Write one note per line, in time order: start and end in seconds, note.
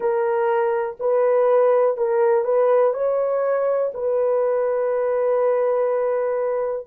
0.00 0.96 A#4
0.99 1.97 B4
1.97 2.44 A#4
2.44 2.93 B4
2.93 3.92 C#5
3.93 6.86 B4